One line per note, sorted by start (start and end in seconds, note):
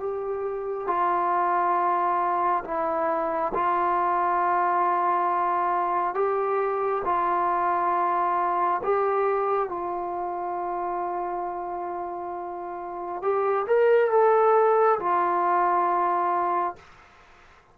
0.00 0.88 G4
0.88 2.64 F4
2.65 3.53 E4
3.55 6.15 F4
6.15 7.03 G4
7.05 8.82 F4
8.84 9.69 G4
9.69 13.22 F4
13.23 13.67 G4
13.68 14.11 A#4
14.11 15.00 A4
15.00 16.76 F4